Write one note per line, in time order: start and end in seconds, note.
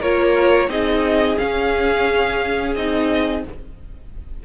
0.00 0.68 A#3
0.00 0.69 F4
0.00 0.68 A#4
0.00 0.70 C#5
0.68 1.37 C4
0.68 1.37 D#4
0.68 3.43 G#4
0.68 1.37 D#5
1.37 2.74 C#4
1.37 2.75 C#4
1.37 2.74 F5
2.75 3.43 C4
2.75 3.45 D#4
2.75 3.43 D#5